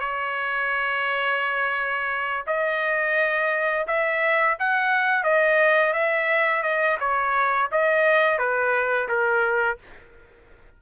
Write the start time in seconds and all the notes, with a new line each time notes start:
0.00 C#5
2.46 D#5
3.87 E5
4.59 F#5
5.23 D#5
5.93 E5
6.62 D#5
7.00 C#5
7.71 D#5
8.38 B4
9.08 A#4